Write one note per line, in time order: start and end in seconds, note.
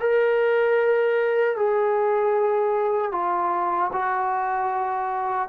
0.00 1.56 A#4
1.56 3.12 G#4
3.12 3.91 F4
3.93 5.49 F#4